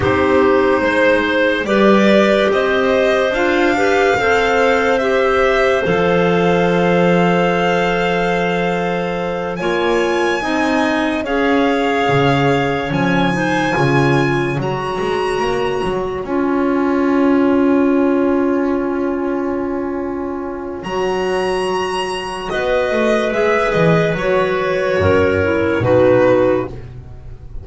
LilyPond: <<
  \new Staff \with { instrumentName = "violin" } { \time 4/4 \tempo 4 = 72 c''2 d''4 dis''4 | f''2 e''4 f''4~ | f''2.~ f''8 gis''8~ | gis''4. f''2 gis''8~ |
gis''4. ais''2 gis''8~ | gis''1~ | gis''4 ais''2 dis''4 | e''8 dis''8 cis''2 b'4 | }
  \new Staff \with { instrumentName = "clarinet" } { \time 4/4 g'4 c''4 b'4 c''4~ | c''8 b'8 c''2.~ | c''2.~ c''8 cis''8~ | cis''8 dis''4 cis''2~ cis''8 |
c''8 cis''2.~ cis''8~ | cis''1~ | cis''2. b'4~ | b'2 ais'4 fis'4 | }
  \new Staff \with { instrumentName = "clarinet" } { \time 4/4 dis'2 g'2 | f'8 g'8 a'4 g'4 a'4~ | a'2.~ a'8 f'8~ | f'8 dis'4 gis'2 cis'8 |
dis'8 f'4 fis'2 f'8~ | f'1~ | f'4 fis'2. | gis'4 fis'4. e'8 dis'4 | }
  \new Staff \with { instrumentName = "double bass" } { \time 4/4 c'4 gis4 g4 c'4 | d'4 c'2 f4~ | f2.~ f8 ais8~ | ais8 c'4 cis'4 cis4 f8~ |
f8 cis4 fis8 gis8 ais8 fis8 cis'8~ | cis'1~ | cis'4 fis2 b8 a8 | gis8 e8 fis4 fis,4 b,4 | }
>>